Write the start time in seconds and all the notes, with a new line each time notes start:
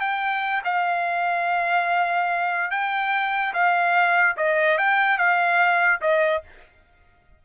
0.00 G5
0.64 F5
2.71 G5
3.54 F5
4.37 D#5
4.78 G5
5.18 F5
6.01 D#5